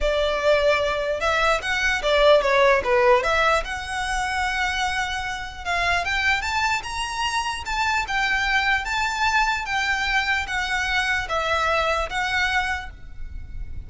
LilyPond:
\new Staff \with { instrumentName = "violin" } { \time 4/4 \tempo 4 = 149 d''2. e''4 | fis''4 d''4 cis''4 b'4 | e''4 fis''2.~ | fis''2 f''4 g''4 |
a''4 ais''2 a''4 | g''2 a''2 | g''2 fis''2 | e''2 fis''2 | }